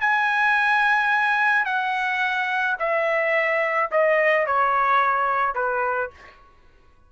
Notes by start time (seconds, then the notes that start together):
0.00 G#5
1.65 F#5
2.79 E5
3.91 D#5
4.46 C#5
5.55 B4